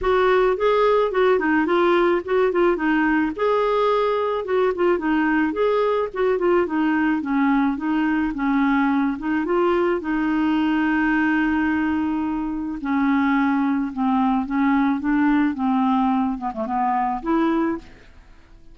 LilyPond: \new Staff \with { instrumentName = "clarinet" } { \time 4/4 \tempo 4 = 108 fis'4 gis'4 fis'8 dis'8 f'4 | fis'8 f'8 dis'4 gis'2 | fis'8 f'8 dis'4 gis'4 fis'8 f'8 | dis'4 cis'4 dis'4 cis'4~ |
cis'8 dis'8 f'4 dis'2~ | dis'2. cis'4~ | cis'4 c'4 cis'4 d'4 | c'4. b16 a16 b4 e'4 | }